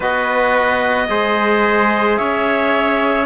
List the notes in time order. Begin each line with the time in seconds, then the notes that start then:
0.00 B3 F#4 B4 D#5
1.08 G#3 G#4 C5
2.16 C#4 C#5 E5